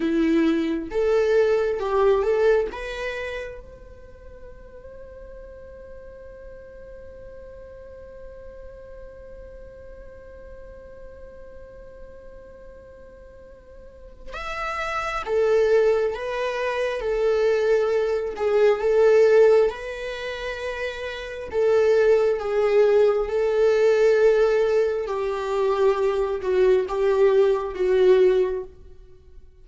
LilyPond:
\new Staff \with { instrumentName = "viola" } { \time 4/4 \tempo 4 = 67 e'4 a'4 g'8 a'8 b'4 | c''1~ | c''1~ | c''1 |
e''4 a'4 b'4 a'4~ | a'8 gis'8 a'4 b'2 | a'4 gis'4 a'2 | g'4. fis'8 g'4 fis'4 | }